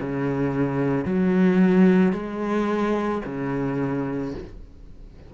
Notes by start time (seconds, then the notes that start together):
0.00 C#3
1.05 F#3
2.12 G#3
3.25 C#3